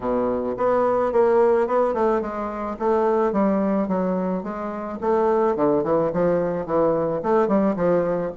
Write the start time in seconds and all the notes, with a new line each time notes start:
0.00 B2
0.57 B3
1.12 A#3
1.67 B3
1.93 A3
2.21 G#3
2.79 A3
3.32 G3
3.88 F#3
4.43 G#3
5.01 A3
5.56 D3
5.83 E3
6.13 F3
6.66 E3
7.22 A3
7.47 G3
7.76 F3